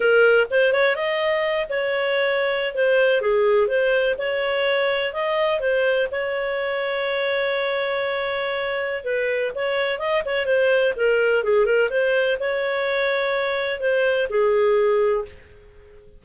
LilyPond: \new Staff \with { instrumentName = "clarinet" } { \time 4/4 \tempo 4 = 126 ais'4 c''8 cis''8 dis''4. cis''8~ | cis''4.~ cis''16 c''4 gis'4 c''16~ | c''8. cis''2 dis''4 c''16~ | c''8. cis''2.~ cis''16~ |
cis''2. b'4 | cis''4 dis''8 cis''8 c''4 ais'4 | gis'8 ais'8 c''4 cis''2~ | cis''4 c''4 gis'2 | }